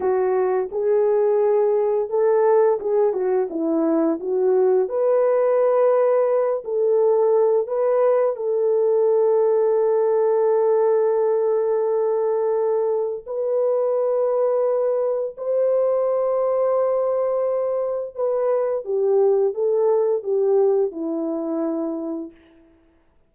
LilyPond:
\new Staff \with { instrumentName = "horn" } { \time 4/4 \tempo 4 = 86 fis'4 gis'2 a'4 | gis'8 fis'8 e'4 fis'4 b'4~ | b'4. a'4. b'4 | a'1~ |
a'2. b'4~ | b'2 c''2~ | c''2 b'4 g'4 | a'4 g'4 e'2 | }